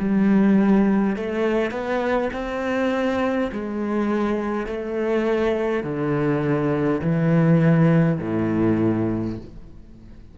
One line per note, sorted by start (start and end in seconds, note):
0.00 1.17 G3
1.17 1.72 A3
1.72 2.30 B3
2.33 3.51 C4
3.52 4.67 G#3
4.67 5.83 A3
5.83 7.01 D3
7.02 8.19 E3
8.20 9.38 A2